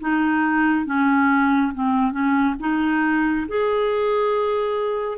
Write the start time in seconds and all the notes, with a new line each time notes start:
0.00 D#4
0.86 C#4
1.74 C4
2.12 C#4
2.60 D#4
3.48 G#4